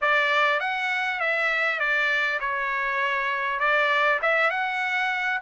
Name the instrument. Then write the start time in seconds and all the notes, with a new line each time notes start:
trumpet
0.01 D5
0.59 F#5
1.20 E5
1.79 D5
2.40 C#5
3.59 D5
4.21 E5
4.50 F#5